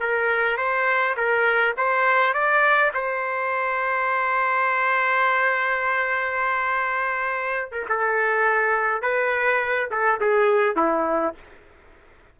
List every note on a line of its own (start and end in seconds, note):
0.00 0.57 A#4
0.57 1.15 C5
1.17 1.75 A#4
1.77 2.34 C5
2.34 2.92 D5
2.94 7.71 C5
7.71 7.86 A#4
7.89 9.02 A4
9.02 9.89 B4
9.91 10.20 A4
10.20 10.76 G#4
10.76 11.34 E4